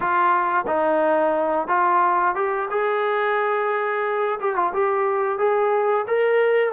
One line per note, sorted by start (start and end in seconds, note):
0.00 0.65 F4
0.66 1.67 D#4
1.67 2.35 F4
2.35 2.68 G4
2.70 4.39 G#4
4.40 4.55 G4
4.55 4.72 F4
4.73 5.38 G4
5.38 6.05 G#4
6.07 6.72 A#4